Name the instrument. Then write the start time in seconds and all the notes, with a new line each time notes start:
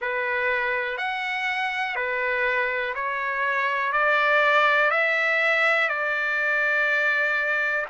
trumpet
0.00 B4
0.97 F#5
1.95 B4
2.94 C#5
3.92 D5
4.90 E5
5.88 D5